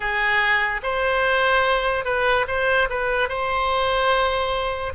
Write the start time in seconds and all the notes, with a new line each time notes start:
0.00 G#4
0.82 C5
2.04 B4
2.47 C5
2.89 B4
3.28 C5